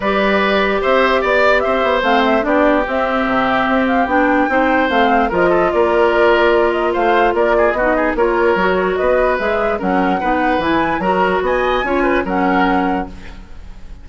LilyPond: <<
  \new Staff \with { instrumentName = "flute" } { \time 4/4 \tempo 4 = 147 d''2 e''4 d''4 | e''4 f''8 e''8 d''4 e''4~ | e''4. f''8 g''2 | f''4 dis''4 d''2~ |
d''8 dis''8 f''4 d''4 dis''4 | cis''2 dis''4 e''4 | fis''2 gis''4 ais''4 | gis''2 fis''2 | }
  \new Staff \with { instrumentName = "oboe" } { \time 4/4 b'2 c''4 d''4 | c''2 g'2~ | g'2. c''4~ | c''4 ais'8 a'8 ais'2~ |
ais'4 c''4 ais'8 gis'8 fis'8 gis'8 | ais'2 b'2 | ais'4 b'2 ais'4 | dis''4 cis''8 b'8 ais'2 | }
  \new Staff \with { instrumentName = "clarinet" } { \time 4/4 g'1~ | g'4 c'4 d'4 c'4~ | c'2 d'4 dis'4 | c'4 f'2.~ |
f'2. dis'4 | f'4 fis'2 gis'4 | cis'4 dis'4 e'4 fis'4~ | fis'4 f'4 cis'2 | }
  \new Staff \with { instrumentName = "bassoon" } { \time 4/4 g2 c'4 b4 | c'8 b8 a4 b4 c'4 | c4 c'4 b4 c'4 | a4 f4 ais2~ |
ais4 a4 ais4 b4 | ais4 fis4 b4 gis4 | fis4 b4 e4 fis4 | b4 cis'4 fis2 | }
>>